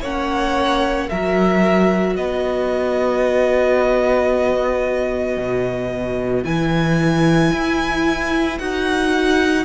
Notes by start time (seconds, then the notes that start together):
0.00 A#3 C#4 C#5 F#5
1.09 F#3 F#4 A#4 E5
2.13 B3 B4 D#5
5.37 B2
6.43 E3 E4 G#5
7.52 E4
8.59 D#4 F#4 F#5